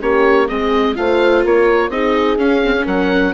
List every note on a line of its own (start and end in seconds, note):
0.00 0.49 A#3
0.00 0.48 C#4
0.00 0.48 G4
0.00 0.48 C#5
0.48 0.97 G#3
0.48 0.95 C4
0.48 0.95 G#4
0.48 0.96 D#5
0.95 1.45 A3
0.95 1.91 F4
0.95 1.45 C5
0.95 1.43 F5
1.45 1.89 A#3
1.45 1.91 A#4
1.45 1.91 C#5
1.89 2.36 C4
1.89 2.38 D#4
1.89 2.85 G#4
1.89 2.38 D#5
2.38 2.62 C#4
2.38 2.86 C#4
2.38 2.86 F5
2.64 2.76 C4
2.76 3.34 C#4
2.85 3.34 F#3
2.85 3.33 A#4
2.85 3.34 F#5